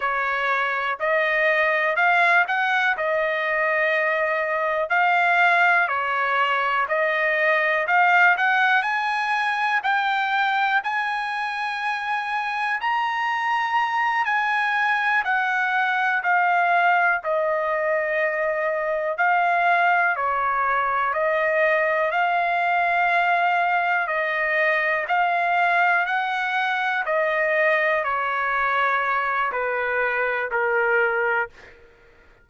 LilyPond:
\new Staff \with { instrumentName = "trumpet" } { \time 4/4 \tempo 4 = 61 cis''4 dis''4 f''8 fis''8 dis''4~ | dis''4 f''4 cis''4 dis''4 | f''8 fis''8 gis''4 g''4 gis''4~ | gis''4 ais''4. gis''4 fis''8~ |
fis''8 f''4 dis''2 f''8~ | f''8 cis''4 dis''4 f''4.~ | f''8 dis''4 f''4 fis''4 dis''8~ | dis''8 cis''4. b'4 ais'4 | }